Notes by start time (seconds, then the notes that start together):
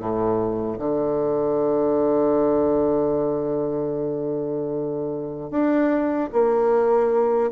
0.00 A2
0.79 D3
5.51 D4
6.33 A#3